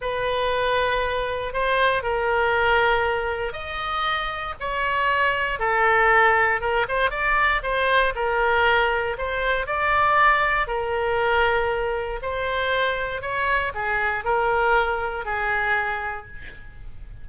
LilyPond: \new Staff \with { instrumentName = "oboe" } { \time 4/4 \tempo 4 = 118 b'2. c''4 | ais'2. dis''4~ | dis''4 cis''2 a'4~ | a'4 ais'8 c''8 d''4 c''4 |
ais'2 c''4 d''4~ | d''4 ais'2. | c''2 cis''4 gis'4 | ais'2 gis'2 | }